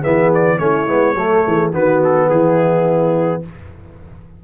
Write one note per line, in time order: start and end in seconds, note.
0.00 0.60 E3
0.00 0.59 B3
0.00 0.57 G#4
0.00 0.32 E5
0.35 0.58 D5
0.58 0.88 A3
0.58 0.87 C#4
0.58 1.18 E4
0.58 1.72 C#5
0.87 1.15 G#3
0.87 1.16 B3
1.15 1.43 F#3
1.15 1.73 A3
1.15 1.45 A4
1.45 1.74 E3
1.45 1.73 G#4
1.73 2.30 D#3
1.73 3.43 B3
1.73 2.30 F#4
1.73 2.03 B4
2.04 2.30 A4
2.30 3.44 E3
2.30 3.44 E4
2.30 3.43 G#4